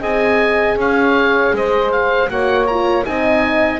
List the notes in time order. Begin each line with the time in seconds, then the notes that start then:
0.00 C4 G#4 D#5 G#5
0.76 C#4 C#5 F5
1.53 G#3 C5 D#5
1.92 F5
2.29 A#3 F#4 C#5 F#5
2.66 F4 A#5
3.03 C4 D#4 D#5 G#5